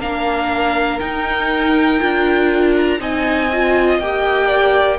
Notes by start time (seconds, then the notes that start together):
0.00 A#3 D4 A#4 F5
1.00 D#4 G5
2.00 D4 F4
2.76 A#5
3.00 C4 D#4 D#5 G#5
3.53 F4
4.00 A#3 G4 G5
4.48 D5